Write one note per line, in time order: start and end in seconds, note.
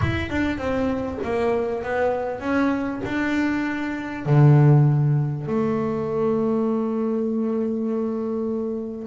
0.01 0.29 E4
0.29 0.58 D4
0.58 1.18 C4
1.23 1.83 A#3
1.83 2.40 B3
2.40 3.00 C#4
3.04 4.25 D4
4.25 5.46 D3
5.46 9.07 A3